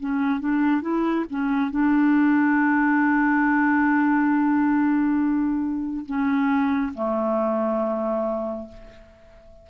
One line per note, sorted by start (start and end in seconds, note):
0.00 0.40 C#4
0.40 0.81 D4
0.81 1.25 E4
1.30 1.71 C#4
1.71 6.06 D4
6.06 6.93 C#4
6.94 8.68 A3